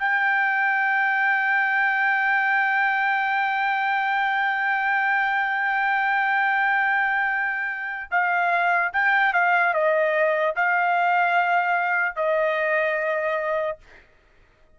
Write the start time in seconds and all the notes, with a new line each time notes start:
0.00 G5
8.11 F5
8.94 G5
9.34 F5
9.74 D#5
10.56 F5
12.16 D#5